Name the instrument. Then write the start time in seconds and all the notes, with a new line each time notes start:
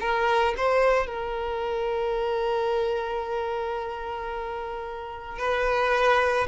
violin
0.00 A#4
0.57 C5
1.06 A#4
5.39 B4